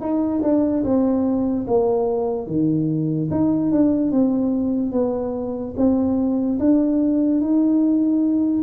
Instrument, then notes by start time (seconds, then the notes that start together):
tuba
0.00 D#4
0.42 D4
0.84 C4
1.67 A#3
2.47 D#3
3.30 D#4
3.71 D4
4.11 C4
4.92 B3
5.76 C4
6.59 D4
7.40 D#4